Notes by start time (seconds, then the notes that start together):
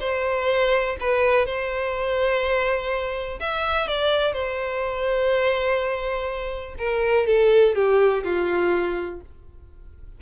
0.00 C5
1.00 B4
1.46 C5
3.40 E5
3.88 D5
4.34 C5
6.78 A#4
7.27 A4
7.75 G4
8.24 F4